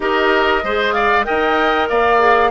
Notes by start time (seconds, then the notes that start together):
0.00 D#4 G4 A#4 D#5
0.63 G#3 G#4 C5
0.92 D5 F5
1.23 D#4 A#4 D#5 G5
1.89 A#3 D5 F5
2.18 G#4